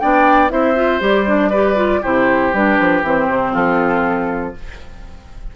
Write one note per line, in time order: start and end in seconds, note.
0.00 0.51 B3
0.00 0.49 D4
0.00 0.53 D5
0.00 0.50 G5
0.49 1.01 C4
0.49 0.75 E4
0.49 1.50 C5
0.49 1.02 E5
0.76 1.01 F4
1.01 2.02 G3
1.01 1.26 G4
1.01 2.04 D5
1.26 1.51 D4
1.50 1.76 G4
1.50 2.01 B4
1.76 2.01 F4
2.02 2.54 C3
2.02 2.54 E4
2.02 3.53 G4
2.02 2.54 C5
2.54 2.79 G3
2.54 3.04 D4
2.54 3.05 B4
2.80 3.03 F3
3.03 3.28 E3
3.03 4.56 C4
3.03 3.55 C5
3.28 3.53 C3
3.53 4.56 F3
3.53 4.54 F4
3.53 4.56 A4